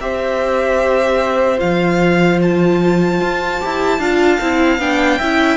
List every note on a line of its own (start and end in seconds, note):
0.00 1.60 C4
0.00 1.58 G4
0.00 3.99 C5
0.00 1.60 E5
1.58 3.21 F3
1.58 3.58 F4
1.58 2.40 F5
2.42 4.80 A5
3.21 3.61 F4
3.60 3.99 E4
3.60 4.00 G4
3.99 4.39 D4
3.99 4.41 F4
3.99 5.19 F5
4.41 4.79 C4
4.41 4.80 E4
4.79 5.19 B3
4.79 5.20 D4
4.79 5.57 G5
5.19 5.57 C#4
5.19 5.57 E4
5.19 5.57 E5